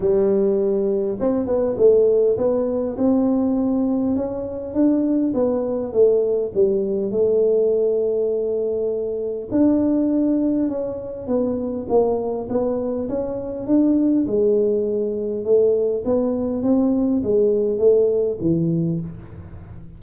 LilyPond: \new Staff \with { instrumentName = "tuba" } { \time 4/4 \tempo 4 = 101 g2 c'8 b8 a4 | b4 c'2 cis'4 | d'4 b4 a4 g4 | a1 |
d'2 cis'4 b4 | ais4 b4 cis'4 d'4 | gis2 a4 b4 | c'4 gis4 a4 e4 | }